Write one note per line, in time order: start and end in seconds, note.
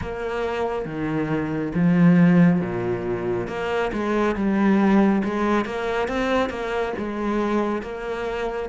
0.01 0.85 A#3
0.85 1.72 D#3
1.74 2.60 F3
2.60 3.47 A#2
3.47 3.91 A#3
3.92 4.35 G#3
4.35 5.22 G3
5.24 5.65 G#3
5.65 6.08 A#3
6.08 6.49 C4
6.49 6.93 A#3
6.98 7.82 G#3
7.82 8.69 A#3